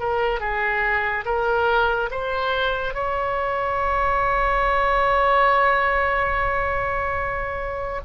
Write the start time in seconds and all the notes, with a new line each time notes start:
0.00 A#4
0.40 G#4
1.26 A#4
2.11 C5
2.94 C#5